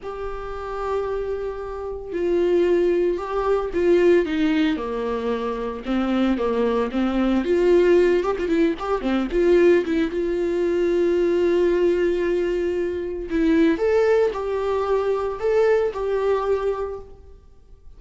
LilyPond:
\new Staff \with { instrumentName = "viola" } { \time 4/4 \tempo 4 = 113 g'1 | f'2 g'4 f'4 | dis'4 ais2 c'4 | ais4 c'4 f'4. g'16 f'16 |
e'8 g'8 c'8 f'4 e'8 f'4~ | f'1~ | f'4 e'4 a'4 g'4~ | g'4 a'4 g'2 | }